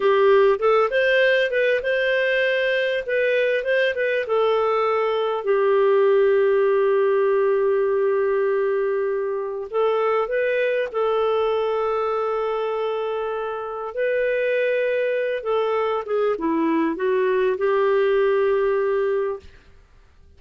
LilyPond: \new Staff \with { instrumentName = "clarinet" } { \time 4/4 \tempo 4 = 99 g'4 a'8 c''4 b'8 c''4~ | c''4 b'4 c''8 b'8 a'4~ | a'4 g'2.~ | g'1 |
a'4 b'4 a'2~ | a'2. b'4~ | b'4. a'4 gis'8 e'4 | fis'4 g'2. | }